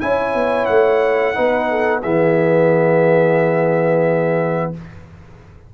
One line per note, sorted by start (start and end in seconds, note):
0.00 0.34 C#4
0.00 1.34 E4
0.00 1.36 C#5
0.00 0.65 G#5
0.34 0.68 B3
0.65 1.36 A3
0.65 2.00 F#5
1.34 2.04 B3
1.34 2.02 D#4
1.34 1.69 B4
1.70 2.02 A4
2.02 4.74 E3
2.02 4.74 B3
2.02 4.71 G#4
2.02 4.72 E5